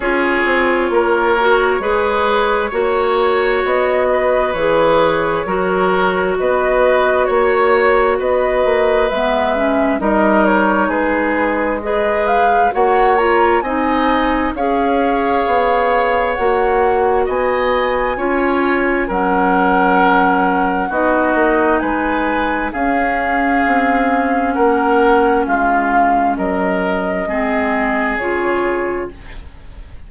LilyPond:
<<
  \new Staff \with { instrumentName = "flute" } { \time 4/4 \tempo 4 = 66 cis''1 | dis''4 cis''2 dis''4 | cis''4 dis''4 e''4 dis''8 cis''8 | b'4 dis''8 f''8 fis''8 ais''8 gis''4 |
f''2 fis''4 gis''4~ | gis''4 fis''2 dis''4 | gis''4 f''2 fis''4 | f''4 dis''2 cis''4 | }
  \new Staff \with { instrumentName = "oboe" } { \time 4/4 gis'4 ais'4 b'4 cis''4~ | cis''8 b'4. ais'4 b'4 | cis''4 b'2 ais'4 | gis'4 b'4 cis''4 dis''4 |
cis''2. dis''4 | cis''4 ais'2 fis'4 | b'4 gis'2 ais'4 | f'4 ais'4 gis'2 | }
  \new Staff \with { instrumentName = "clarinet" } { \time 4/4 f'4. fis'8 gis'4 fis'4~ | fis'4 gis'4 fis'2~ | fis'2 b8 cis'8 dis'4~ | dis'4 gis'4 fis'8 f'8 dis'4 |
gis'2 fis'2 | f'4 cis'2 dis'4~ | dis'4 cis'2.~ | cis'2 c'4 f'4 | }
  \new Staff \with { instrumentName = "bassoon" } { \time 4/4 cis'8 c'8 ais4 gis4 ais4 | b4 e4 fis4 b4 | ais4 b8 ais8 gis4 g4 | gis2 ais4 c'4 |
cis'4 b4 ais4 b4 | cis'4 fis2 b8 ais8 | gis4 cis'4 c'4 ais4 | gis4 fis4 gis4 cis4 | }
>>